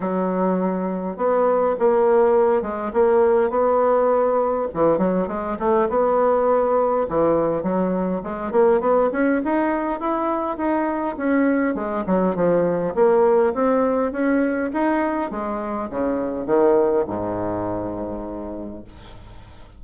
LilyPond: \new Staff \with { instrumentName = "bassoon" } { \time 4/4 \tempo 4 = 102 fis2 b4 ais4~ | ais8 gis8 ais4 b2 | e8 fis8 gis8 a8 b2 | e4 fis4 gis8 ais8 b8 cis'8 |
dis'4 e'4 dis'4 cis'4 | gis8 fis8 f4 ais4 c'4 | cis'4 dis'4 gis4 cis4 | dis4 gis,2. | }